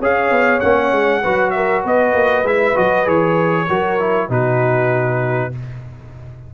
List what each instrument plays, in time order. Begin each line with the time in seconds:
0.00 tuba C#4, trombone G#4, horn C#5, trumpet F5
0.30 tuba B3
0.60 tuba A#3, trombone C#4, trumpet F#5
0.92 tuba G#3
1.22 tuba F#3, trombone F#4, horn B4
1.51 horn A#4, trumpet E5
1.83 tuba B3, horn B4, trumpet D#5
2.14 tuba A#3
2.43 tuba G#3, trombone E4, trumpet E5
2.75 tuba F#3, trombone F#4, trumpet D#5
3.05 tuba E3, trombone G#4, trumpet C#5
3.68 tuba F#3, trombone F#4, horn A#4
3.99 trombone E4
4.29 tuba B2, trombone D#4, horn F#4, trumpet B4